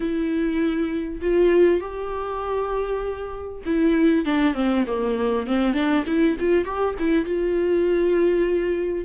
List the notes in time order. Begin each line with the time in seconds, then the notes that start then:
0.00 E4
1.21 F4
1.80 G4
3.65 E4
4.25 D4
4.54 C4
4.87 A#3
5.46 C4
5.73 D4
6.06 E4
6.39 F4
6.64 G4
6.99 E4
7.25 F4